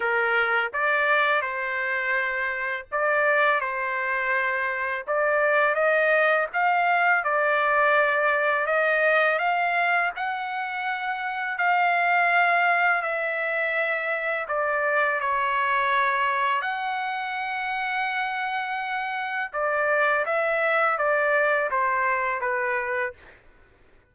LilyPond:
\new Staff \with { instrumentName = "trumpet" } { \time 4/4 \tempo 4 = 83 ais'4 d''4 c''2 | d''4 c''2 d''4 | dis''4 f''4 d''2 | dis''4 f''4 fis''2 |
f''2 e''2 | d''4 cis''2 fis''4~ | fis''2. d''4 | e''4 d''4 c''4 b'4 | }